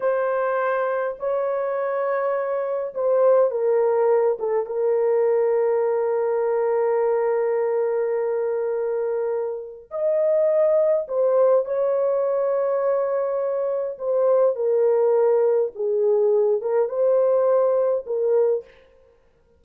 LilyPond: \new Staff \with { instrumentName = "horn" } { \time 4/4 \tempo 4 = 103 c''2 cis''2~ | cis''4 c''4 ais'4. a'8 | ais'1~ | ais'1~ |
ais'4 dis''2 c''4 | cis''1 | c''4 ais'2 gis'4~ | gis'8 ais'8 c''2 ais'4 | }